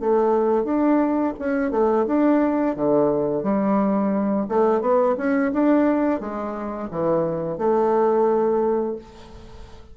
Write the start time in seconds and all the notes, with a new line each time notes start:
0.00 A3
0.65 D4
1.39 C#4
1.71 A3
2.07 D4
2.76 D3
3.43 G3
4.49 A3
4.81 B3
5.18 C#4
5.53 D4
6.20 G#3
6.91 E3
7.58 A3